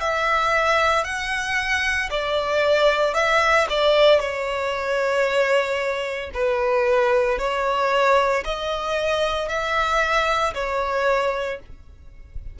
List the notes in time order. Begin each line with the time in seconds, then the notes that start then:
0.00 E5
1.04 F#5
2.11 D5
3.14 E5
3.69 D5
4.20 C#5
6.34 B4
7.39 C#5
8.44 D#5
9.49 E5
10.54 C#5